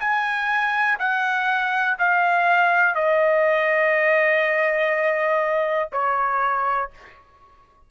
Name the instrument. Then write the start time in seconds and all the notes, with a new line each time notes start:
trumpet
0.00 G#5
0.99 F#5
1.99 F5
2.95 D#5
5.92 C#5